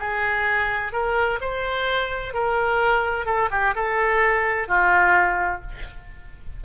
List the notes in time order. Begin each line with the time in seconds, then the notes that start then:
0.00 G#4
0.93 A#4
1.41 C5
2.34 A#4
3.26 A4
3.52 G4
3.75 A4
4.68 F4